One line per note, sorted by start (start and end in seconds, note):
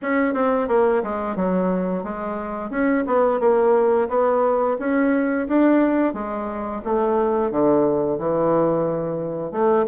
0.02 0.34 C#4
0.34 0.68 C4
0.68 1.02 A#3
1.03 1.36 G#3
1.36 2.03 F#3
2.03 2.70 G#3
2.70 3.04 C#4
3.06 3.40 B3
3.40 4.08 A#3
4.08 4.77 B3
4.79 5.47 C#4
5.48 6.13 D4
6.13 6.82 G#3
6.84 7.51 A3
7.51 8.18 D3
8.18 9.51 E3
9.51 9.85 A3